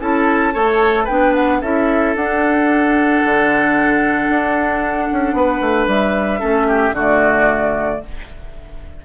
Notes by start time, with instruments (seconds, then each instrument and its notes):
0.00 bassoon C#4, clarinet E4, oboe A4, flute A5
0.53 bassoon A3, clarinet A4, oboe C#5
1.04 bassoon B3, clarinet D4, oboe B4, flute G5
1.35 flute F#5
1.61 bassoon C#4, clarinet E4, oboe A4, flute E5
2.15 bassoon D4, clarinet D4, flute F#5
3.25 bassoon D3
4.29 bassoon D4
5.12 bassoon C#4
5.33 bassoon B3, oboe B4
5.60 bassoon A3
5.87 bassoon G3, flute E5
6.40 bassoon A3, clarinet C#4, oboe A4
6.68 oboe G4
6.92 bassoon D3, clarinet A3, oboe F#4, flute D5